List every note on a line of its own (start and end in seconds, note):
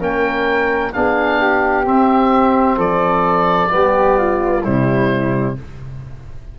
0.00 0.93 A#3
0.00 0.92 C#4
0.00 0.92 A#4
0.00 0.93 G5
0.93 1.87 B3
0.93 1.84 D4
0.93 1.41 G#4
0.93 1.85 F5
1.41 2.77 G4
1.84 3.69 C4
1.84 2.77 C4
1.84 2.80 E5
2.77 3.69 F3
2.77 3.70 A4
2.77 4.64 D5
3.69 4.66 G3
3.69 4.62 B3
3.69 4.18 G4
4.18 4.64 F4
4.64 5.59 C3
4.64 5.57 G3
4.64 5.56 E4
4.64 5.56 C5